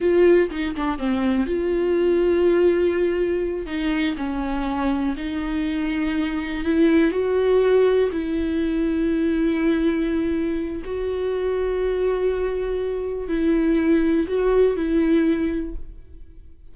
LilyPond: \new Staff \with { instrumentName = "viola" } { \time 4/4 \tempo 4 = 122 f'4 dis'8 d'8 c'4 f'4~ | f'2.~ f'8 dis'8~ | dis'8 cis'2 dis'4.~ | dis'4. e'4 fis'4.~ |
fis'8 e'2.~ e'8~ | e'2 fis'2~ | fis'2. e'4~ | e'4 fis'4 e'2 | }